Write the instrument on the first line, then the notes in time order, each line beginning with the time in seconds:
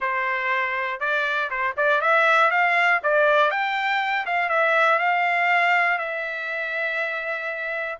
trumpet
0.00 C5
1.00 D5
1.50 C5
1.76 D5
2.01 E5
2.50 F5
3.03 D5
3.50 G5
4.26 F5
4.49 E5
4.99 F5
5.98 E5